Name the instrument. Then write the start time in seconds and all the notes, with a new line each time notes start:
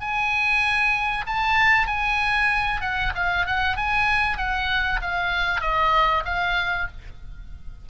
oboe
0.00 G#5
1.26 A5
1.87 G#5
2.81 F#5
3.15 F5
3.46 F#5
3.76 G#5
4.38 F#5
5.01 F5
5.61 D#5
6.25 F5